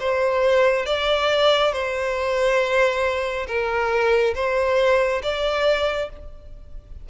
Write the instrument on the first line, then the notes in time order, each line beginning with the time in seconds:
violin
0.00 C5
0.86 D5
1.73 C5
3.47 A#4
4.35 C5
5.23 D5